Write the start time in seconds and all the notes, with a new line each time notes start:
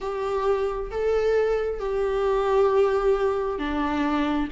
0.00 G4
0.90 A4
1.79 G4
3.59 D4